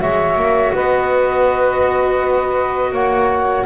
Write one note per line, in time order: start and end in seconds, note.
0.00 0.36 G#3
0.00 3.66 F#4
0.00 0.73 C#5
0.00 0.74 E5
0.36 0.72 A#3
0.73 2.92 B3
0.73 2.92 B4
0.73 2.94 D#5
2.92 3.65 A#3
2.92 3.65 C#5
2.92 3.66 F#5